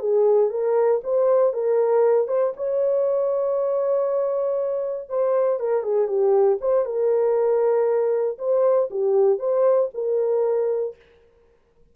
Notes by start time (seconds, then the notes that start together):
0.00 G#4
0.51 A#4
1.04 C5
1.54 A#4
2.28 C5
2.57 C#5
5.10 C5
5.60 A#4
5.83 G#4
6.08 G4
6.61 C5
6.86 A#4
8.39 C5
8.91 G4
9.39 C5
9.95 A#4